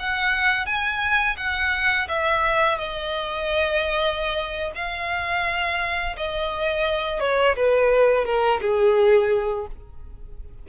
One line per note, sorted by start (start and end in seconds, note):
0.00 0.66 F#5
0.66 1.37 G#5
1.37 2.08 F#5
2.09 2.78 E5
2.78 4.72 D#5
4.76 6.17 F5
6.17 7.21 D#5
7.21 7.56 C#5
7.57 8.26 B4
8.26 8.61 A#4
8.61 9.67 G#4